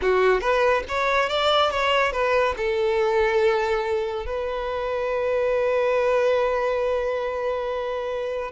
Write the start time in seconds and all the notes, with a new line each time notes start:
0.01 F#4
0.40 B4
0.88 C#5
1.29 D5
1.70 C#5
2.12 B4
2.56 A4
4.26 B4